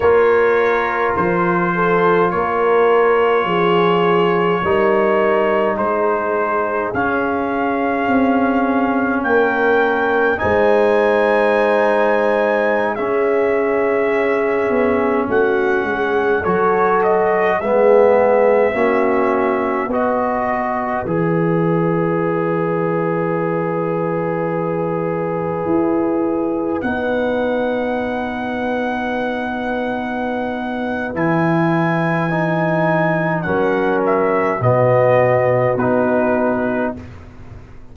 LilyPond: <<
  \new Staff \with { instrumentName = "trumpet" } { \time 4/4 \tempo 4 = 52 cis''4 c''4 cis''2~ | cis''4 c''4 f''2 | g''4 gis''2~ gis''16 e''8.~ | e''4~ e''16 fis''4 cis''8 dis''8 e''8.~ |
e''4~ e''16 dis''4 e''4.~ e''16~ | e''2.~ e''16 fis''8.~ | fis''2. gis''4~ | gis''4 fis''8 e''8 dis''4 b'4 | }
  \new Staff \with { instrumentName = "horn" } { \time 4/4 ais'4. a'8 ais'4 gis'4 | ais'4 gis'2. | ais'4 c''2~ c''16 gis'8.~ | gis'4~ gis'16 fis'8 gis'8 a'4 gis'8.~ |
gis'16 fis'4 b'2~ b'8.~ | b'1~ | b'1~ | b'4 ais'4 fis'2 | }
  \new Staff \with { instrumentName = "trombone" } { \time 4/4 f'1 | dis'2 cis'2~ | cis'4 dis'2~ dis'16 cis'8.~ | cis'2~ cis'16 fis'4 b8.~ |
b16 cis'4 fis'4 gis'4.~ gis'16~ | gis'2.~ gis'16 dis'8.~ | dis'2. e'4 | dis'4 cis'4 b4 dis'4 | }
  \new Staff \with { instrumentName = "tuba" } { \time 4/4 ais4 f4 ais4 f4 | g4 gis4 cis'4 c'4 | ais4 gis2~ gis16 cis'8.~ | cis'8. b8 a8 gis8 fis4 gis8.~ |
gis16 ais4 b4 e4.~ e16~ | e2~ e16 e'4 b8.~ | b2. e4~ | e4 fis4 b,4 b4 | }
>>